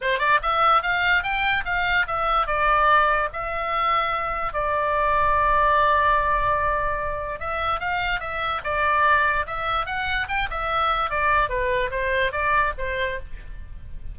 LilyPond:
\new Staff \with { instrumentName = "oboe" } { \time 4/4 \tempo 4 = 146 c''8 d''8 e''4 f''4 g''4 | f''4 e''4 d''2 | e''2. d''4~ | d''1~ |
d''2 e''4 f''4 | e''4 d''2 e''4 | fis''4 g''8 e''4. d''4 | b'4 c''4 d''4 c''4 | }